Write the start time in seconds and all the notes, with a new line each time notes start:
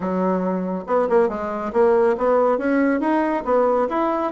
0.00 F#3
0.86 B3
1.09 A#3
1.28 G#3
1.73 A#3
2.17 B3
2.57 C#4
3.00 D#4
3.44 B3
3.89 E4